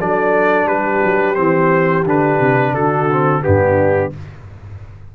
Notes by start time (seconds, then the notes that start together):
0.00 F#3 D4 A4 D5
0.66 G3 G4 B4
1.04 F#3
1.34 E3 C4 C5
2.05 D3 D4 B4
2.39 C3
2.74 D3 F#4 A4
3.11 C4
3.41 G2 B3 D4 G4